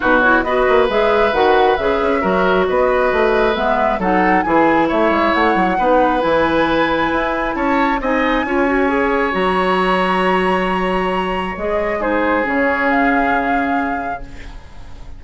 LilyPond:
<<
  \new Staff \with { instrumentName = "flute" } { \time 4/4 \tempo 4 = 135 b'8 cis''8 dis''4 e''4 fis''4 | e''2 dis''2 | e''4 fis''4 gis''4 e''4 | fis''2 gis''2~ |
gis''4 a''4 gis''2~ | gis''4 ais''2.~ | ais''2 dis''4 c''4 | cis''4 f''2. | }
  \new Staff \with { instrumentName = "oboe" } { \time 4/4 fis'4 b'2.~ | b'4 ais'4 b'2~ | b'4 a'4 gis'4 cis''4~ | cis''4 b'2.~ |
b'4 cis''4 dis''4 cis''4~ | cis''1~ | cis''2. gis'4~ | gis'1 | }
  \new Staff \with { instrumentName = "clarinet" } { \time 4/4 dis'8 e'8 fis'4 gis'4 fis'4 | gis'4 fis'2. | b4 dis'4 e'2~ | e'4 dis'4 e'2~ |
e'2 dis'4 f'8 fis'8 | gis'4 fis'2.~ | fis'2 gis'4 dis'4 | cis'1 | }
  \new Staff \with { instrumentName = "bassoon" } { \time 4/4 b,4 b8 ais8 gis4 dis4 | cis8 cis'8 fis4 b4 a4 | gis4 fis4 e4 a8 gis8 | a8 fis8 b4 e2 |
e'4 cis'4 c'4 cis'4~ | cis'4 fis2.~ | fis2 gis2 | cis1 | }
>>